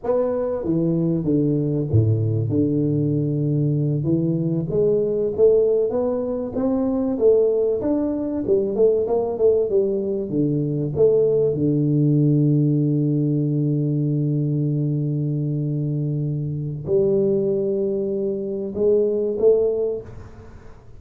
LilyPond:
\new Staff \with { instrumentName = "tuba" } { \time 4/4 \tempo 4 = 96 b4 e4 d4 a,4 | d2~ d8 e4 gis8~ | gis8 a4 b4 c'4 a8~ | a8 d'4 g8 a8 ais8 a8 g8~ |
g8 d4 a4 d4.~ | d1~ | d2. g4~ | g2 gis4 a4 | }